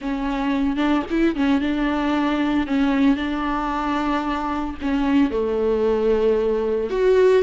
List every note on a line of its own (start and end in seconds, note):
0.01 0.76 C#4
0.76 1.03 D4
1.10 1.35 E4
1.35 1.60 C#4
1.60 2.66 D4
2.66 3.16 C#4
3.16 4.75 D4
4.81 5.30 C#4
5.30 6.90 A3
6.90 7.43 F#4